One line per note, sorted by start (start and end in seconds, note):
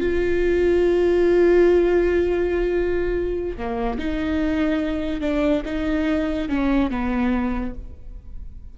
0.00 3.57 F4
3.58 3.98 A#3
3.98 5.21 D#4
5.21 5.63 D4
5.65 6.49 D#4
6.49 6.91 C#4
6.91 7.75 B3